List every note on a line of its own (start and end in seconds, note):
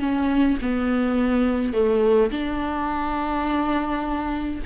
0.00 0.58 C#4
0.62 1.73 B3
1.73 2.31 A3
2.32 4.62 D4